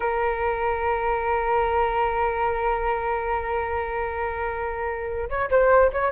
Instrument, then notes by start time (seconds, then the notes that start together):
flute
0.00 A#4
5.29 C#5
5.50 C5
5.92 C#5